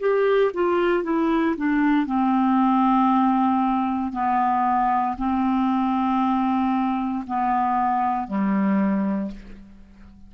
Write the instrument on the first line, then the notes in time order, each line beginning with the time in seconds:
clarinet
0.00 G4
0.54 F4
1.04 E4
1.58 D4
2.06 C4
4.13 B3
5.18 C4
7.27 B3
8.28 G3